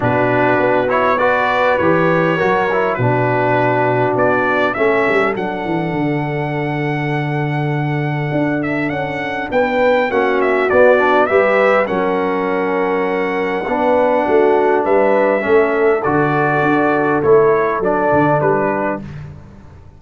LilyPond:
<<
  \new Staff \with { instrumentName = "trumpet" } { \time 4/4 \tempo 4 = 101 b'4. cis''8 d''4 cis''4~ | cis''4 b'2 d''4 | e''4 fis''2.~ | fis''2~ fis''8 e''8 fis''4 |
g''4 fis''8 e''8 d''4 e''4 | fis''1~ | fis''4 e''2 d''4~ | d''4 cis''4 d''4 b'4 | }
  \new Staff \with { instrumentName = "horn" } { \time 4/4 fis'2 b'2 | ais'4 fis'2. | a'1~ | a'1 |
b'4 fis'2 b'4 | ais'2. b'4 | fis'4 b'4 a'2~ | a'2.~ a'8 g'8 | }
  \new Staff \with { instrumentName = "trombone" } { \time 4/4 d'4. e'8 fis'4 g'4 | fis'8 e'8 d'2. | cis'4 d'2.~ | d'1~ |
d'4 cis'4 b8 d'8 g'4 | cis'2. d'4~ | d'2 cis'4 fis'4~ | fis'4 e'4 d'2 | }
  \new Staff \with { instrumentName = "tuba" } { \time 4/4 b,4 b2 e4 | fis4 b,2 b4 | a8 g8 fis8 e8 d2~ | d2 d'4 cis'4 |
b4 ais4 b4 g4 | fis2. b4 | a4 g4 a4 d4 | d'4 a4 fis8 d8 g4 | }
>>